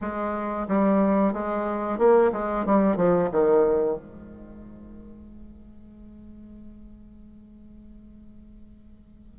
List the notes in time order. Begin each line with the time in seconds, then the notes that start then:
0.01 G#3
0.68 G3
1.33 G#3
1.98 A#3
2.32 G#3
2.65 G3
2.96 F3
3.31 D#3
3.97 G#3